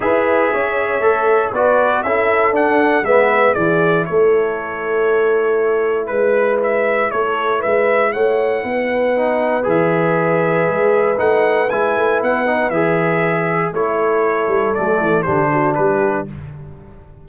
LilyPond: <<
  \new Staff \with { instrumentName = "trumpet" } { \time 4/4 \tempo 4 = 118 e''2. d''4 | e''4 fis''4 e''4 d''4 | cis''1 | b'4 e''4 cis''4 e''4 |
fis''2. e''4~ | e''2 fis''4 gis''4 | fis''4 e''2 cis''4~ | cis''4 d''4 c''4 b'4 | }
  \new Staff \with { instrumentName = "horn" } { \time 4/4 b'4 cis''2 b'4 | a'2 b'4 gis'4 | a'1 | b'2 a'4 b'4 |
cis''4 b'2.~ | b'1~ | b'2. a'4~ | a'2 g'8 fis'8 g'4 | }
  \new Staff \with { instrumentName = "trombone" } { \time 4/4 gis'2 a'4 fis'4 | e'4 d'4 b4 e'4~ | e'1~ | e'1~ |
e'2 dis'4 gis'4~ | gis'2 dis'4 e'4~ | e'8 dis'8 gis'2 e'4~ | e'4 a4 d'2 | }
  \new Staff \with { instrumentName = "tuba" } { \time 4/4 e'4 cis'4 a4 b4 | cis'4 d'4 gis4 e4 | a1 | gis2 a4 gis4 |
a4 b2 e4~ | e4 gis4 a4 gis8 a8 | b4 e2 a4~ | a8 g8 fis8 e8 d4 g4 | }
>>